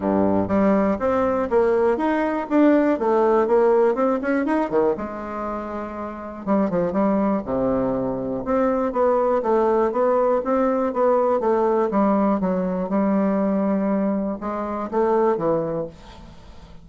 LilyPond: \new Staff \with { instrumentName = "bassoon" } { \time 4/4 \tempo 4 = 121 g,4 g4 c'4 ais4 | dis'4 d'4 a4 ais4 | c'8 cis'8 dis'8 dis8 gis2~ | gis4 g8 f8 g4 c4~ |
c4 c'4 b4 a4 | b4 c'4 b4 a4 | g4 fis4 g2~ | g4 gis4 a4 e4 | }